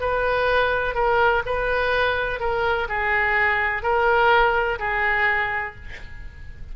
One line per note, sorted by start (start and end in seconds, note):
0.00 0.94 B4
0.94 1.42 A#4
1.46 2.40 B4
2.40 2.88 A#4
2.89 3.82 G#4
3.82 4.78 A#4
4.79 5.75 G#4